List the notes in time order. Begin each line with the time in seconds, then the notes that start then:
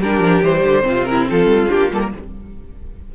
0.00 G3 D4 G4 A#4
0.20 F3
0.43 E3 G3 C5
0.64 D3
0.83 C3 C4 F4
1.05 E4 A#4
1.30 F3 F4 A4
1.46 G3
1.70 A#3 D4 G4
1.92 G3 A#3 A4
2.01 A#4